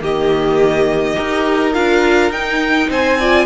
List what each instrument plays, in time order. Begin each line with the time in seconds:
0.00 cello D#3, viola A#3, violin G4 D#5
1.14 cello D#4, viola G4, violin A#4
1.74 cello D4, viola F4, violin F5
2.30 cello D#4, viola D#4, violin G5
2.90 cello C4, violin C5 G#5
3.19 viola F4, violin D5